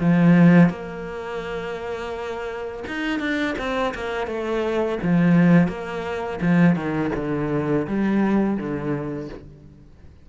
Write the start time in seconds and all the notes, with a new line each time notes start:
0.00 F3
0.69 A#3
2.88 D#4
3.19 D4
3.58 C4
3.94 A#3
4.27 A3
5.02 F3
5.68 A#3
6.41 F3
6.75 D#3
7.15 D3
7.87 G3
8.57 D3